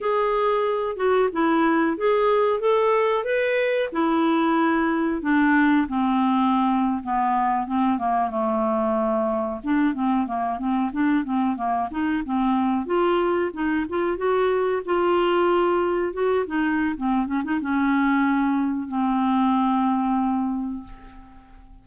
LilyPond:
\new Staff \with { instrumentName = "clarinet" } { \time 4/4 \tempo 4 = 92 gis'4. fis'8 e'4 gis'4 | a'4 b'4 e'2 | d'4 c'4.~ c'16 b4 c'16~ | c'16 ais8 a2 d'8 c'8 ais16~ |
ais16 c'8 d'8 c'8 ais8 dis'8 c'4 f'16~ | f'8. dis'8 f'8 fis'4 f'4~ f'16~ | f'8. fis'8 dis'8. c'8 cis'16 dis'16 cis'4~ | cis'4 c'2. | }